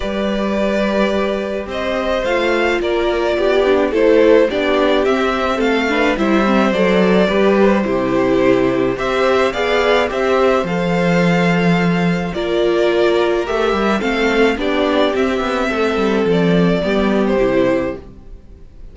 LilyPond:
<<
  \new Staff \with { instrumentName = "violin" } { \time 4/4 \tempo 4 = 107 d''2. dis''4 | f''4 d''2 c''4 | d''4 e''4 f''4 e''4 | d''4. c''2~ c''8 |
e''4 f''4 e''4 f''4~ | f''2 d''2 | e''4 f''4 d''4 e''4~ | e''4 d''4.~ d''16 c''4~ c''16 | }
  \new Staff \with { instrumentName = "violin" } { \time 4/4 b'2. c''4~ | c''4 ais'4 g'4 a'4 | g'2 a'8 b'8 c''4~ | c''4 b'4 g'2 |
c''4 d''4 c''2~ | c''2 ais'2~ | ais'4 a'4 g'2 | a'2 g'2 | }
  \new Staff \with { instrumentName = "viola" } { \time 4/4 g'1 | f'2~ f'8 d'8 e'4 | d'4 c'4. d'8 e'8 c'8 | a'4 g'4 e'2 |
g'4 gis'4 g'4 a'4~ | a'2 f'2 | g'4 c'4 d'4 c'4~ | c'2 b4 e'4 | }
  \new Staff \with { instrumentName = "cello" } { \time 4/4 g2. c'4 | a4 ais4 b4 a4 | b4 c'4 a4 g4 | fis4 g4 c2 |
c'4 b4 c'4 f4~ | f2 ais2 | a8 g8 a4 b4 c'8 b8 | a8 g8 f4 g4 c4 | }
>>